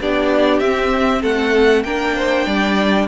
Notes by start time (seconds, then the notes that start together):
0.00 B3 D4 G4 D5
0.60 C4 E5
1.21 A3 A4 F#5
1.83 A#3 D4 A#4 G5
2.15 C5
2.46 G3 D5